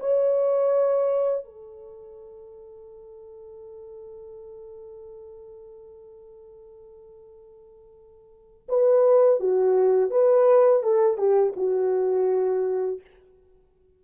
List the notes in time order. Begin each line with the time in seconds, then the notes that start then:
0.00 C#5
1.45 A4
8.69 B4
9.40 F#4
10.11 B4
10.83 A4
11.18 G4
11.56 F#4